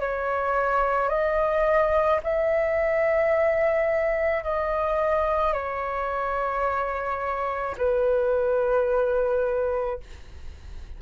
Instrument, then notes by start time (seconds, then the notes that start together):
flute
0.00 C#5
1.09 D#5
2.23 E5
4.43 D#5
5.53 C#5
7.78 B4